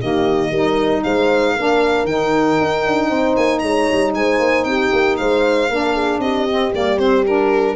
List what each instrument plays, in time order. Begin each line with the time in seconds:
0.00 tuba D#3, saxophone A#3, horn G4, violin D#5
0.49 tuba G3, saxophone D#4, horn A#4
1.03 tuba G#3, horn C5, violin F5
1.54 tuba A#3, saxophone D4, horn A#4
2.03 tuba D#3, saxophone D#4, violin G5
2.60 tuba D#4
2.86 tuba D4
3.08 tuba C4, horn C5
3.36 tuba A#3, violin G#5
3.58 tuba G#3, horn C#5, violin A#5
3.91 tuba G3
4.14 tuba G#3, horn C5, violin G#5
4.39 tuba A#3
4.64 tuba C4, horn G4, violin G5
4.92 tuba A#3
5.16 tuba G#3, horn C5, violin F5
5.69 tuba A#3, saxophone D4, horn A#4
5.93 horn G#4
6.18 tuba C4, horn G4, violin D#5
6.48 saxophone C4
6.73 tuba G3, saxophone A#3, violin D5
6.98 saxophone C4, violin C5
7.25 saxophone D4, violin A#4